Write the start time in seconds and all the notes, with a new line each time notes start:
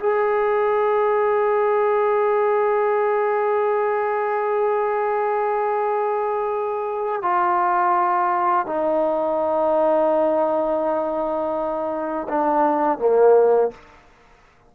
0.00 G#4
7.22 F4
8.66 D#4
12.29 D4
12.99 A#3